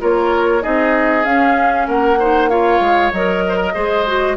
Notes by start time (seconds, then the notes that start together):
0.00 A#3 F4 A#4 C#5
0.62 C4 D#4 G#4 D#5
1.25 C#4 F5
1.88 A#3 A#4 F#5
2.20 D#4 C5
2.49 F4 C#5 F5
2.80 G#3
3.13 F#3 A#4 D#5
3.49 C5
3.57 A#4
3.75 G#3 G#4 C5
4.07 F#4